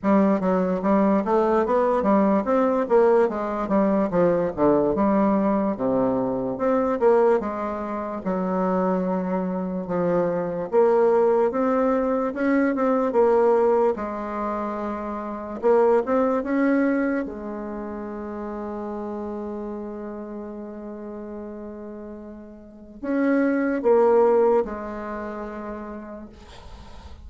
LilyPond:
\new Staff \with { instrumentName = "bassoon" } { \time 4/4 \tempo 4 = 73 g8 fis8 g8 a8 b8 g8 c'8 ais8 | gis8 g8 f8 d8 g4 c4 | c'8 ais8 gis4 fis2 | f4 ais4 c'4 cis'8 c'8 |
ais4 gis2 ais8 c'8 | cis'4 gis2.~ | gis1 | cis'4 ais4 gis2 | }